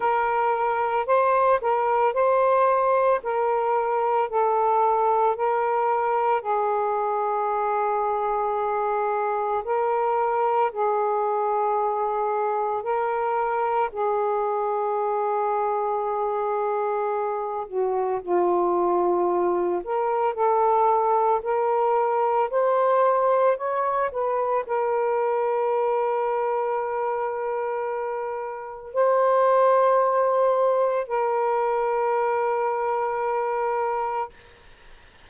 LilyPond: \new Staff \with { instrumentName = "saxophone" } { \time 4/4 \tempo 4 = 56 ais'4 c''8 ais'8 c''4 ais'4 | a'4 ais'4 gis'2~ | gis'4 ais'4 gis'2 | ais'4 gis'2.~ |
gis'8 fis'8 f'4. ais'8 a'4 | ais'4 c''4 cis''8 b'8 ais'4~ | ais'2. c''4~ | c''4 ais'2. | }